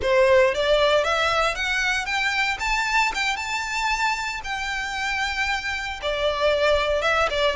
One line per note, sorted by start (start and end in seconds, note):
0.02 0.54 C5
0.54 1.04 D5
1.04 1.55 E5
1.55 2.05 F#5
2.05 2.57 G5
2.59 3.12 A5
3.14 3.36 G5
3.36 4.40 A5
4.43 6.00 G5
6.01 7.02 D5
7.02 7.28 E5
7.30 7.56 D5